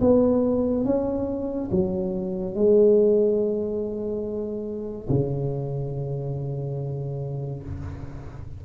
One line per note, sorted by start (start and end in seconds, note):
0.00 0.85 B3
0.85 1.69 C#4
1.71 2.55 F#3
2.55 5.08 G#3
5.09 7.62 C#3